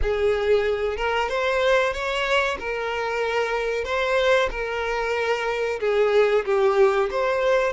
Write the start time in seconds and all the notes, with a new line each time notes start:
0.02 G#4
0.96 A#4
1.28 C5
1.93 C#5
2.59 A#4
3.84 C5
4.50 A#4
5.80 G#4
6.45 G4
7.11 C5